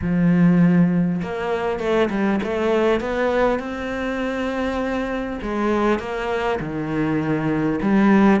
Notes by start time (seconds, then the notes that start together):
0.01 F3
1.22 A#3
1.79 A3
2.10 G3
2.43 A3
3.00 B3
3.59 C4
5.42 G#3
5.99 A#3
6.59 D#3
7.81 G3